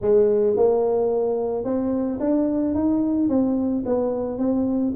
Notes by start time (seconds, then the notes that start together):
0.01 G#3
0.56 A#3
1.64 C4
2.20 D4
2.74 D#4
3.29 C4
3.85 B3
4.38 C4